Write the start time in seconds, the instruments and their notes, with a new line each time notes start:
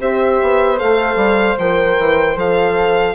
0.00 bassoon C4, horn G4, flute C5, violin E5
0.42 bassoon B3
0.78 bassoon A3, horn A4, violin F5
1.16 bassoon G3
1.58 bassoon F3, horn A#4, violin G5
1.98 bassoon E3
2.36 bassoon F3, horn A4, violin F5